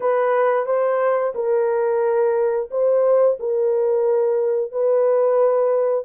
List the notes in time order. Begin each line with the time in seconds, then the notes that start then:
0.00 B4
0.66 C5
1.35 A#4
2.70 C5
3.39 A#4
4.71 B4